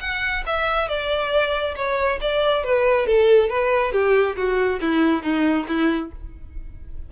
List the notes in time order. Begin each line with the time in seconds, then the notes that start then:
0.00 F#5
0.46 E5
0.88 D5
1.75 C#5
2.21 D5
2.63 B4
3.06 A4
3.49 B4
3.92 G4
4.36 F#4
4.81 E4
5.22 D#4
5.67 E4